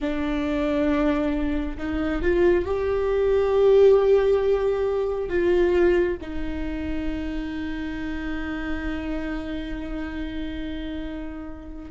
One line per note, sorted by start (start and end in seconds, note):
0.00 1.77 D4
1.78 2.22 D#4
2.22 2.65 F4
2.65 5.29 G4
5.29 6.17 F4
6.21 11.90 D#4